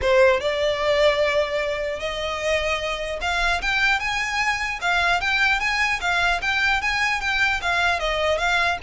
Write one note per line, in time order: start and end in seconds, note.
0.01 0.40 C5
0.40 1.99 D5
1.99 3.19 D#5
3.21 3.61 F5
3.61 3.99 G5
3.99 4.79 G#5
4.81 5.21 F5
5.21 5.59 G5
5.59 5.99 G#5
6.01 6.41 F5
6.41 6.81 G5
6.81 7.20 G#5
7.20 7.60 G5
7.61 7.99 F5
7.99 8.38 D#5
8.38 8.78 F5